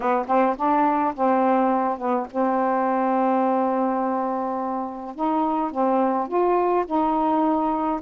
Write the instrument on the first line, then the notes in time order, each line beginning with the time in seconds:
saxophone
0.00 B3
0.27 C4
0.56 D4
1.14 C4
1.98 B3
2.30 C4
5.15 D#4
5.71 C4
6.28 F4
6.86 D#4